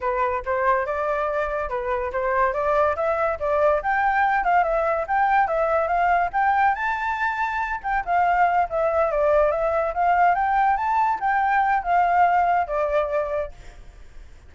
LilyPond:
\new Staff \with { instrumentName = "flute" } { \time 4/4 \tempo 4 = 142 b'4 c''4 d''2 | b'4 c''4 d''4 e''4 | d''4 g''4. f''8 e''4 | g''4 e''4 f''4 g''4 |
a''2~ a''8 g''8 f''4~ | f''8 e''4 d''4 e''4 f''8~ | f''8 g''4 a''4 g''4. | f''2 d''2 | }